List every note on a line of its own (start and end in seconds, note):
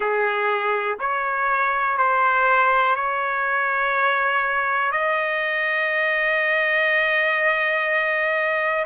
0.00 0.97 G#4
0.99 1.97 C#5
1.97 2.95 C5
2.95 4.91 C#5
4.91 8.85 D#5